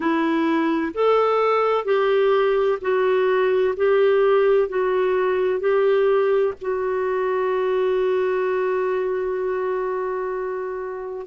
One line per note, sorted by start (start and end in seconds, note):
0.00 0.92 E4
0.94 1.85 A4
1.85 2.78 G4
2.81 3.75 F#4
3.76 4.68 G4
4.68 5.60 F#4
5.60 6.53 G4
6.61 11.26 F#4